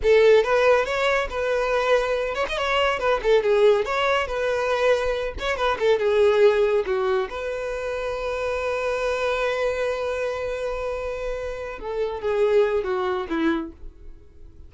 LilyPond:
\new Staff \with { instrumentName = "violin" } { \time 4/4 \tempo 4 = 140 a'4 b'4 cis''4 b'4~ | b'4. cis''16 dis''16 cis''4 b'8 a'8 | gis'4 cis''4 b'2~ | b'8 cis''8 b'8 a'8 gis'2 |
fis'4 b'2.~ | b'1~ | b'2.~ b'8 a'8~ | a'8 gis'4. fis'4 e'4 | }